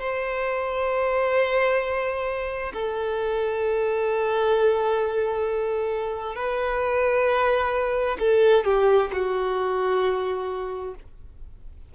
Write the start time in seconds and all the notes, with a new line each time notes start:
0.00 C5
2.74 A4
6.36 B4
8.20 A4
8.65 G4
9.13 F#4